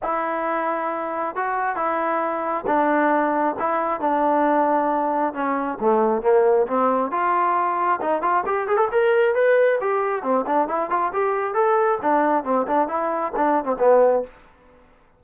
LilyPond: \new Staff \with { instrumentName = "trombone" } { \time 4/4 \tempo 4 = 135 e'2. fis'4 | e'2 d'2 | e'4 d'2. | cis'4 a4 ais4 c'4 |
f'2 dis'8 f'8 g'8 gis'16 a'16 | ais'4 b'4 g'4 c'8 d'8 | e'8 f'8 g'4 a'4 d'4 | c'8 d'8 e'4 d'8. c'16 b4 | }